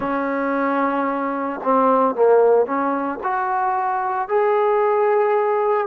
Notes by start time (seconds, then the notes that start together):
0.00 C#4
1.64 C4
2.15 A#3
2.65 C#4
3.23 F#4
4.28 G#4